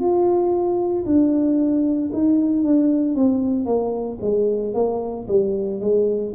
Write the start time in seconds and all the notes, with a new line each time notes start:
0.00 F4
1.05 D4
2.13 D#4
2.63 D4
3.15 C4
3.66 A#3
4.21 G#3
4.74 A#3
5.28 G3
5.80 G#3